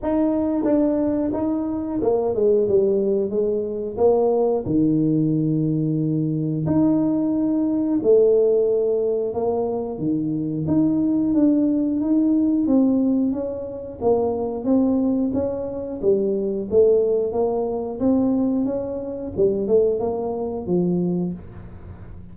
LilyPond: \new Staff \with { instrumentName = "tuba" } { \time 4/4 \tempo 4 = 90 dis'4 d'4 dis'4 ais8 gis8 | g4 gis4 ais4 dis4~ | dis2 dis'2 | a2 ais4 dis4 |
dis'4 d'4 dis'4 c'4 | cis'4 ais4 c'4 cis'4 | g4 a4 ais4 c'4 | cis'4 g8 a8 ais4 f4 | }